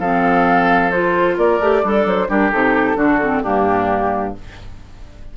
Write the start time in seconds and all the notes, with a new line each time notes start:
0.00 F3 C4 A4 F5
0.92 F4 C5
1.37 A#3 A#4 D5
1.60 A3 G4
1.82 G3 D4 A4
2.06 F#3 C5
2.29 G3 D4 G4 A#4
2.52 C3 D#4 A4
2.96 D3 D4 F#4
3.22 C4
3.43 G2 A#3 D4 G4